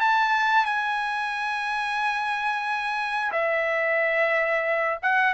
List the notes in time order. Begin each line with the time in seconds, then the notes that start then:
0.00 A5
0.65 G#5
3.32 E5
5.02 F#5